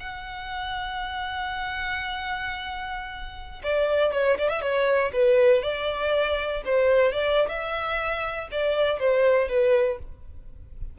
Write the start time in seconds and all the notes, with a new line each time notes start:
0.00 F#5
3.64 D5
4.13 C#5
4.38 D5
4.50 E5
4.62 C#5
5.13 B4
5.63 D5
6.65 C5
7.12 D5
7.49 E5
8.52 D5
9.00 C5
9.49 B4